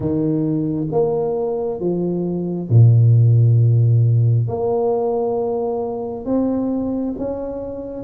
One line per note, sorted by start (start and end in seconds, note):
0.00 0.87 D#3
0.91 1.80 A#3
1.80 2.69 F3
2.69 4.48 A#2
4.48 6.25 A#3
6.25 7.14 C4
7.18 8.03 C#4